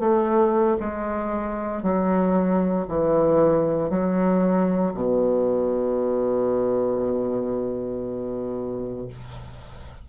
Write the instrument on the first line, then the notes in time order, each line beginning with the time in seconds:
bassoon
0.00 A3
0.80 G#3
1.83 F#3
2.88 E3
3.90 F#3
4.94 B2